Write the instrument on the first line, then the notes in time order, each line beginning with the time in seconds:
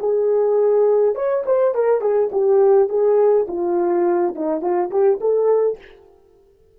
horn
0.00 G#4
1.15 C#5
1.46 C5
1.75 A#4
2.01 G#4
2.32 G4
2.90 G#4
3.49 F4
4.36 D#4
4.62 F4
4.91 G4
5.21 A4